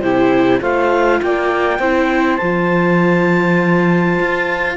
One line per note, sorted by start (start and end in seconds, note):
0.00 0.60 C3
0.00 0.61 E4
0.00 0.59 G4
0.00 0.60 C5
0.61 1.21 A3
0.61 1.80 F4
0.61 1.20 C5
0.61 1.22 F5
1.22 1.79 A#3
1.22 1.79 D5
1.22 2.36 G5
1.79 2.39 C4
1.79 2.41 E4
1.79 4.76 C5
2.36 4.20 F3
2.36 4.77 F4
2.36 4.74 A5
4.20 4.77 F4